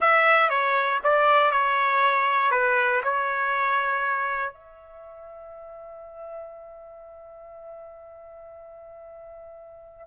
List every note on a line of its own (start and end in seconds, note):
0.00 0.49 E5
0.49 1.00 C#5
1.03 1.51 D5
1.51 2.51 C#5
2.51 3.01 B4
3.03 4.53 C#5
4.53 10.07 E5